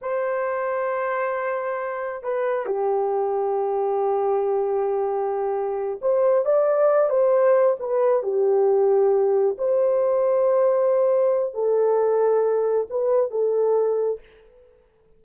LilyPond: \new Staff \with { instrumentName = "horn" } { \time 4/4 \tempo 4 = 135 c''1~ | c''4 b'4 g'2~ | g'1~ | g'4. c''4 d''4. |
c''4. b'4 g'4.~ | g'4. c''2~ c''8~ | c''2 a'2~ | a'4 b'4 a'2 | }